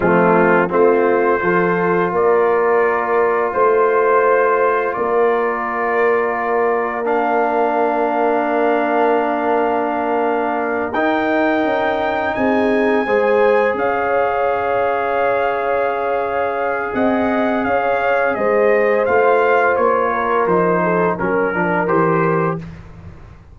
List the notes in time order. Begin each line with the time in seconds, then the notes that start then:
0.00 F3 A3 C4 F4
0.69 A3 C4 F4 C5
1.40 F3 F4 A4
2.11 A#3 A#4 D5
3.52 A3 C5
4.93 A#3 A#4 D5
7.04 D4 F5
10.93 D#4 G5
11.63 C#4
12.34 C4 G#4 G#5
13.06 G#3 G#4 C5
13.74 C#4 C#5 F5
16.93 C4 D#5 F#5
17.64 C#4 C#5 F5
18.34 G#3 C5 D#5
19.05 A3 F4 F5
19.76 A#3 C#5
20.12 A#4
20.46 F3 D#4 C5
20.83 A4
21.16 F#3 C#4 A#4
21.53 F3 D4
21.87 E3 G4 C5